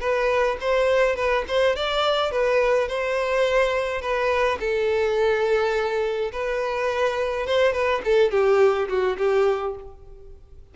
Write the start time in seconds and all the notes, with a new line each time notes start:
0.00 B4
0.61 C5
1.16 B4
1.48 C5
1.76 D5
2.31 B4
2.88 C5
4.01 B4
4.60 A4
6.32 B4
7.47 C5
7.73 B4
8.04 A4
8.31 G4
8.89 F#4
9.18 G4